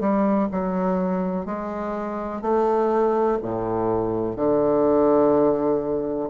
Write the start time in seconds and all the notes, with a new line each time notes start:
0.00 G3
0.51 F#3
1.46 G#3
2.41 A3
3.42 A2
4.36 D3